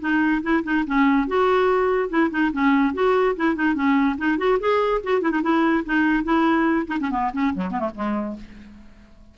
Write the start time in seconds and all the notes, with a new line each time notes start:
0.00 D#4
0.42 E4
0.64 D#4
0.86 C#4
1.27 F#4
2.09 E4
2.30 D#4
2.52 C#4
2.94 F#4
3.36 E4
3.55 D#4
3.74 C#4
4.18 D#4
4.37 F#4
4.60 G#4
5.03 F#4
5.21 E4
5.31 D#4
5.42 E4
5.85 D#4
6.24 E4
6.87 D#4
7.00 C#4
7.10 B3
7.33 C#4
7.54 F#3
7.71 B3
7.79 A3
7.94 G#3